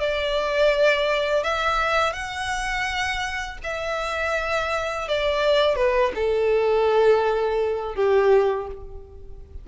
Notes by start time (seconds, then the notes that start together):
0.00 D5
1.44 E5
2.13 F#5
3.64 E5
5.08 D5
5.76 B4
6.15 A4
7.95 G4